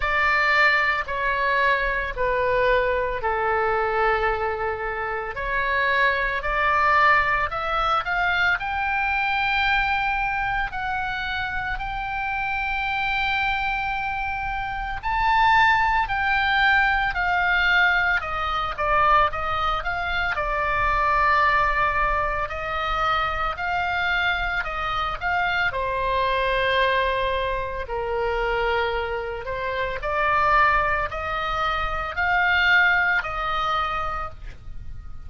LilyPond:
\new Staff \with { instrumentName = "oboe" } { \time 4/4 \tempo 4 = 56 d''4 cis''4 b'4 a'4~ | a'4 cis''4 d''4 e''8 f''8 | g''2 fis''4 g''4~ | g''2 a''4 g''4 |
f''4 dis''8 d''8 dis''8 f''8 d''4~ | d''4 dis''4 f''4 dis''8 f''8 | c''2 ais'4. c''8 | d''4 dis''4 f''4 dis''4 | }